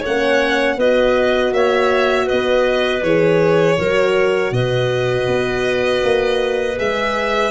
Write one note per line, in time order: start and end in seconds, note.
0.00 0.77 A#3
0.00 0.75 C#5
0.00 0.80 F#5
0.07 0.80 C#4
0.77 1.52 B3
0.77 3.04 F#4
0.77 1.53 B4
0.77 1.53 D#5
1.52 2.27 A#3
1.52 2.26 C#5
1.52 2.28 E5
2.26 3.76 B4
2.26 3.03 D#5
2.32 3.03 B3
3.03 3.78 E3
3.03 3.79 G#4
3.03 4.53 C#5
3.77 4.52 F#3
3.77 6.77 F#4
3.77 4.52 A#4
4.52 5.27 B2
4.52 7.51 B4
4.52 6.78 D#5
5.27 6.02 B3
6.04 6.79 A#3
6.77 7.51 G#3
6.77 7.51 G#4
6.77 7.51 E5